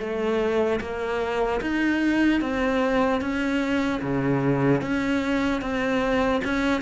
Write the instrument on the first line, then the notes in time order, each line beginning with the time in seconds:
cello
0.00 A3
0.81 A#3
1.61 D#4
2.41 C4
3.21 C#4
4.02 C#3
4.82 C#4
5.62 C4
6.44 C#4